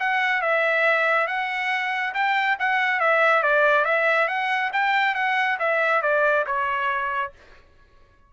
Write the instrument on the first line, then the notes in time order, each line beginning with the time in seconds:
trumpet
0.00 F#5
0.42 E5
1.28 F#5
2.14 G5
2.60 F#5
3.00 E5
3.43 D5
3.85 E5
4.28 F#5
4.73 G5
5.15 F#5
5.60 E5
6.03 D5
6.47 C#5